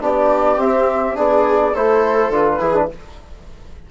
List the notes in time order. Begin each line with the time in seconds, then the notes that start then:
0.00 B3 D4 G4 D5
0.56 C4 E5
1.14 B3 D4 G#4 D5
1.73 A3 E4 A4 C5
2.29 D3 F4 B4
2.59 E3 E4 G#4
2.74 D4